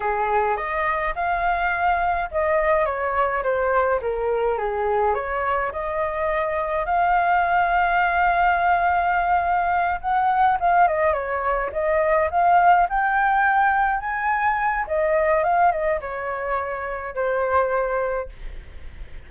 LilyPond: \new Staff \with { instrumentName = "flute" } { \time 4/4 \tempo 4 = 105 gis'4 dis''4 f''2 | dis''4 cis''4 c''4 ais'4 | gis'4 cis''4 dis''2 | f''1~ |
f''4. fis''4 f''8 dis''8 cis''8~ | cis''8 dis''4 f''4 g''4.~ | g''8 gis''4. dis''4 f''8 dis''8 | cis''2 c''2 | }